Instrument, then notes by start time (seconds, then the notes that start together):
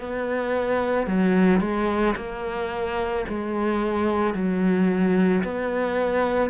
cello
0.00 B3
1.07 F#3
1.60 G#3
2.16 A#3
3.28 G#3
4.34 F#3
5.43 B3